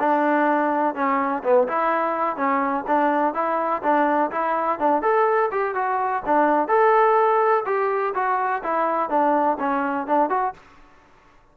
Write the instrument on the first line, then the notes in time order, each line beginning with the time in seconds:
trombone
0.00 D4
0.95 C#4
1.44 B3
1.68 E4
2.37 C#4
2.88 D4
3.34 E4
3.83 D4
4.32 E4
4.80 D4
5.02 A4
5.52 G4
5.75 F#4
6.26 D4
6.69 A4
7.66 G4
8.15 F#4
8.64 E4
9.10 D4
9.60 C#4
10.07 D4
10.30 F#4